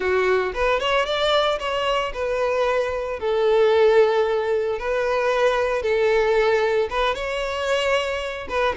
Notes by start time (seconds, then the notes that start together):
0.00 F#4
0.54 B4
0.80 C#5
1.05 D5
1.59 C#5
2.13 B4
3.19 A4
4.79 B4
5.82 A4
6.90 B4
7.14 C#5
8.48 B4